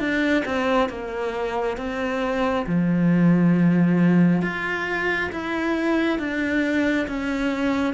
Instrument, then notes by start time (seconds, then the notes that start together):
cello
0.00 D4
0.46 C4
0.89 A#3
1.78 C4
2.67 F3
4.42 F4
5.33 E4
6.19 D4
7.08 C#4